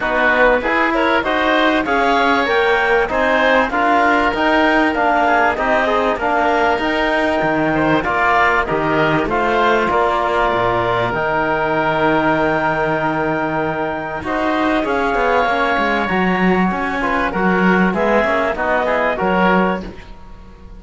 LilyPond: <<
  \new Staff \with { instrumentName = "clarinet" } { \time 4/4 \tempo 4 = 97 b'4. cis''8 dis''4 f''4 | g''4 gis''4 f''4 g''4 | f''4 dis''4 f''4 g''4~ | g''4 f''4 dis''4 f''4 |
d''2 g''2~ | g''2. dis''4 | f''2 ais''4 gis''4 | fis''4 e''4 dis''4 cis''4 | }
  \new Staff \with { instrumentName = "oboe" } { \time 4/4 fis'4 gis'8 ais'8 c''4 cis''4~ | cis''4 c''4 ais'2~ | ais'8 gis'8 g'8 dis'8 ais'2~ | ais'8 c''8 d''4 ais'4 c''4 |
ais'1~ | ais'2. c''4 | cis''2.~ cis''8 b'8 | ais'4 gis'4 fis'8 gis'8 ais'4 | }
  \new Staff \with { instrumentName = "trombone" } { \time 4/4 dis'4 e'4 fis'4 gis'4 | ais'4 dis'4 f'4 dis'4 | d'4 dis'8 gis'8 d'4 dis'4~ | dis'4 f'4 g'4 f'4~ |
f'2 dis'2~ | dis'2. fis'4 | gis'4 cis'4 fis'4. f'8 | fis'4 b8 cis'8 dis'8 e'8 fis'4 | }
  \new Staff \with { instrumentName = "cello" } { \time 4/4 b4 e'4 dis'4 cis'4 | ais4 c'4 d'4 dis'4 | ais4 c'4 ais4 dis'4 | dis4 ais4 dis4 a4 |
ais4 ais,4 dis2~ | dis2. dis'4 | cis'8 b8 ais8 gis8 fis4 cis'4 | fis4 gis8 ais8 b4 fis4 | }
>>